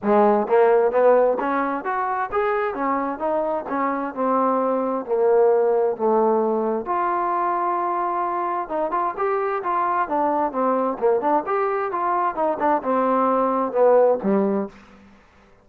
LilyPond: \new Staff \with { instrumentName = "trombone" } { \time 4/4 \tempo 4 = 131 gis4 ais4 b4 cis'4 | fis'4 gis'4 cis'4 dis'4 | cis'4 c'2 ais4~ | ais4 a2 f'4~ |
f'2. dis'8 f'8 | g'4 f'4 d'4 c'4 | ais8 d'8 g'4 f'4 dis'8 d'8 | c'2 b4 g4 | }